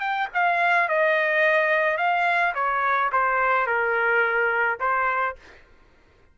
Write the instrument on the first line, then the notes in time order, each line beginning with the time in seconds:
trumpet
0.00 G5
0.34 F5
0.89 D#5
1.98 F5
2.55 C#5
3.12 C5
3.67 A#4
4.80 C5